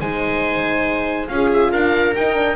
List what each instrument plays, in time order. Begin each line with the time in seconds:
0.00 double bass G#3, horn D#4, viola C5, oboe G#5
1.28 double bass C#4, horn F4, viola G#4, oboe F5
1.53 oboe E5
1.72 double bass D4, viola A#4, oboe F5
2.15 double bass D#4, horn D#4, oboe G5
2.34 horn D4